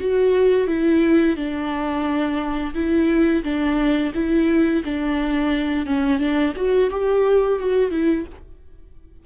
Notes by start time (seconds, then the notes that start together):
0.00 F#4
0.67 E4
1.36 D4
2.75 E4
3.44 D4
4.14 E4
4.85 D4
5.86 C#4
6.19 D4
6.56 F#4
6.91 G4
7.60 F#4
7.91 E4